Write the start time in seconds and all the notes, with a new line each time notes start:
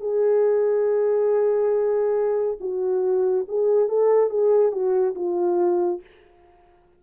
0.00 G#4
2.60 F#4
3.48 G#4
3.88 A4
4.29 G#4
4.71 F#4
5.15 F4